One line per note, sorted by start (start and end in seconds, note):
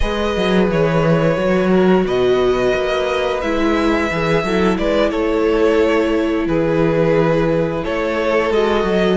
0.00 0.36 G#3
0.00 1.36 G#4
0.00 1.70 B4
0.00 0.66 D#5
0.36 0.69 F#3
0.69 1.37 E3
0.69 2.06 C#5
1.36 2.04 F#3
1.36 3.41 F#4
1.70 2.04 A#4
2.04 2.72 B2
2.04 4.43 B4
2.04 3.41 D#5
2.75 3.42 A#3
3.41 4.10 G#3
3.41 4.10 E4
3.41 4.77 E5
4.11 4.43 E3
4.11 4.46 G#4
4.43 4.77 F#3
4.43 8.53 E4
4.43 4.77 A4
4.78 5.12 G#3
4.78 5.11 B4
4.78 5.10 D5
5.10 6.46 A3
5.10 6.47 A4
5.10 6.46 C#5
6.46 7.82 E3
6.46 7.83 G#4
6.46 7.84 B4
7.83 8.50 A3
7.83 9.17 A4
7.83 8.52 C#5
8.50 8.83 G#3
8.50 9.17 F#4
8.50 9.17 D#5
8.83 9.17 F#3